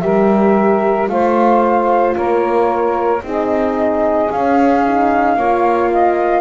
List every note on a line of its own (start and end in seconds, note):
0.00 1.09 G3
0.00 1.07 G4
0.00 1.10 A#4
0.00 1.07 E5
1.07 2.16 A3
1.07 3.21 F4
1.07 2.16 C5
1.07 2.15 F5
2.16 3.22 A#3
2.16 3.23 A#4
2.16 3.23 C#5
3.22 4.29 C4
3.22 4.30 D#4
3.22 5.36 G#4
3.22 4.31 D#5
4.30 4.83 C#4
4.30 5.36 C#4
4.30 6.41 F5
4.85 5.38 D#4
5.36 6.41 A#3
5.36 6.41 F4
5.36 5.90 C#5
5.93 6.41 D#5